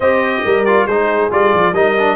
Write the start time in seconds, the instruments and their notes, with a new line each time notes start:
0.00 tuba C4, trombone G4, horn C5, trumpet D#5
0.44 tuba G3, horn A#4
0.65 trombone F4, trumpet D5
0.86 tuba G#3, trombone D#4, horn G#4, trumpet C5
1.31 tuba G3, trombone F4, trumpet D5
1.53 tuba F3
1.72 tuba G3, trombone D#4, horn A#4, trumpet D#5
1.98 trombone D4